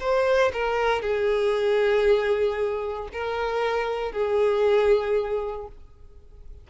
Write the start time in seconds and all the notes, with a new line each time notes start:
0.00 C5
0.53 A#4
1.02 G#4
3.12 A#4
4.12 G#4